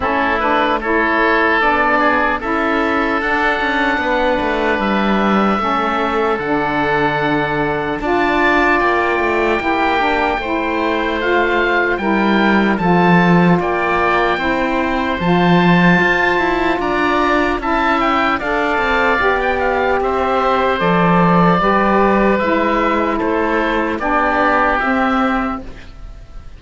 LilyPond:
<<
  \new Staff \with { instrumentName = "oboe" } { \time 4/4 \tempo 4 = 75 a'8 b'8 cis''4 d''4 e''4 | fis''2 e''2 | fis''2 a''4 g''4~ | g''2 f''4 g''4 |
a''4 g''2 a''4~ | a''4 ais''4 a''8 g''8 f''4~ | f''16 g''16 f''8 e''4 d''2 | e''4 c''4 d''4 e''4 | }
  \new Staff \with { instrumentName = "oboe" } { \time 4/4 e'4 a'4. gis'8 a'4~ | a'4 b'2 a'4~ | a'2 d''2 | g'4 c''2 ais'4 |
a'4 d''4 c''2~ | c''4 d''4 e''4 d''4~ | d''4 c''2 b'4~ | b'4 a'4 g'2 | }
  \new Staff \with { instrumentName = "saxophone" } { \time 4/4 cis'8 d'8 e'4 d'4 e'4 | d'2. cis'4 | d'2 f'2 | e'8 d'8 e'4 f'4 e'4 |
f'2 e'4 f'4~ | f'2 e'4 a'4 | g'2 a'4 g'4 | e'2 d'4 c'4 | }
  \new Staff \with { instrumentName = "cello" } { \time 4/4 a2 b4 cis'4 | d'8 cis'8 b8 a8 g4 a4 | d2 d'4 ais8 a8 | ais4 a2 g4 |
f4 ais4 c'4 f4 | f'8 e'8 d'4 cis'4 d'8 c'8 | b4 c'4 f4 g4 | gis4 a4 b4 c'4 | }
>>